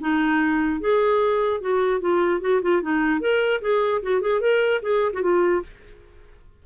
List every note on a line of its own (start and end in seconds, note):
0.00 0.80 D#4
0.80 1.60 G#4
1.60 2.00 F#4
2.00 2.41 F4
2.41 2.61 F#4
2.62 2.82 F4
2.82 3.20 D#4
3.20 3.60 A#4
3.61 4.01 G#4
4.02 4.21 F#4
4.21 4.41 G#4
4.41 4.81 A#4
4.82 5.12 G#4
5.13 5.22 F#4
5.22 5.62 F4